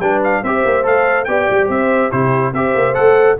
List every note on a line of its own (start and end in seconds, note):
0.00 0.42 G3
0.00 0.45 D4
0.00 0.42 B4
0.00 0.21 G5
0.24 0.44 F5
0.43 0.65 C4
0.43 0.84 G4
0.43 1.29 C5
0.43 0.86 E5
0.65 0.85 A#3
0.84 1.28 A3
0.84 1.26 A4
0.84 1.25 F5
1.25 1.49 B3
1.25 2.12 G4
1.25 1.71 D5
1.25 1.67 G5
1.51 1.69 G3
1.69 2.12 C4
1.69 2.13 C5
1.69 2.12 E5
2.12 2.53 C3
2.12 2.54 E4
2.12 2.52 G4
2.12 2.54 C5
2.52 2.74 C4
2.52 2.95 G4
2.52 3.37 C5
2.52 2.95 E5
2.75 2.96 A#3
2.95 3.39 A3
2.95 3.37 A4
2.95 3.37 F#5